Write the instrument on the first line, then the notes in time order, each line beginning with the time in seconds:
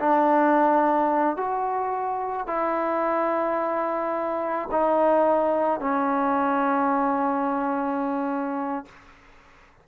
trombone
0.00 D4
1.37 F#4
2.47 E4
4.71 D#4
5.80 C#4